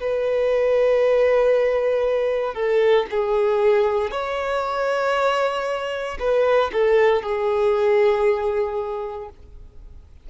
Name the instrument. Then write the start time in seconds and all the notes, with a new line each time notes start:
violin
0.00 B4
2.54 A4
3.10 G#4
4.11 C#5
6.19 B4
6.72 A4
7.23 G#4